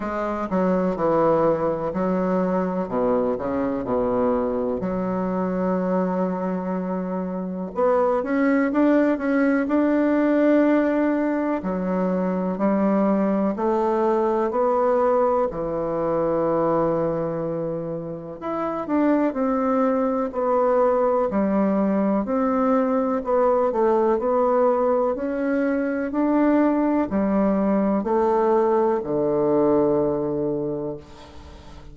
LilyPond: \new Staff \with { instrumentName = "bassoon" } { \time 4/4 \tempo 4 = 62 gis8 fis8 e4 fis4 b,8 cis8 | b,4 fis2. | b8 cis'8 d'8 cis'8 d'2 | fis4 g4 a4 b4 |
e2. e'8 d'8 | c'4 b4 g4 c'4 | b8 a8 b4 cis'4 d'4 | g4 a4 d2 | }